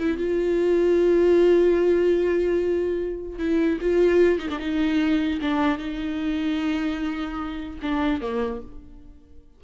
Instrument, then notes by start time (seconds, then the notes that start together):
viola
0.00 E4
0.18 F4
3.39 E4
3.81 F4
4.39 D#4
4.50 D4
4.60 D#4
5.42 D4
5.79 D#4
7.83 D4
8.21 A#3